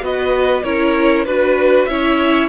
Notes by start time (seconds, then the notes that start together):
0.00 B3 F#4 B4 D#5
0.63 C#4 E4 A#4 C#5
1.24 D4 F#4 B4
1.85 C#4 E4 C#5 E5